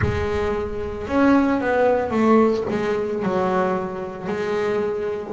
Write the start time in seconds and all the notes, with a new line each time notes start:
0.01 G#3
1.07 C#4
1.61 B3
2.10 A3
2.70 G#3
3.22 F#3
4.27 G#3